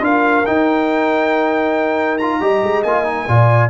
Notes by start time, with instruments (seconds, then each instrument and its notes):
0.00 tuba D4, trombone F4, horn A#4, trumpet F5
0.46 trombone D#4, tuba D#4, trumpet G5
2.17 trombone F4, trumpet A#5
2.39 tuba G3, trombone G4, horn D#5
2.63 tuba G#3
2.83 tuba A#3, trombone F4, trumpet G#5
3.04 trombone D#4
3.27 tuba A#2, trombone F4, horn D5